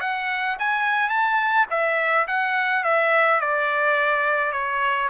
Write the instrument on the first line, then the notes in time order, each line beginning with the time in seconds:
trumpet
0.00 F#5
0.59 G#5
1.09 A5
1.70 E5
2.27 F#5
2.84 E5
3.40 D5
4.52 C#5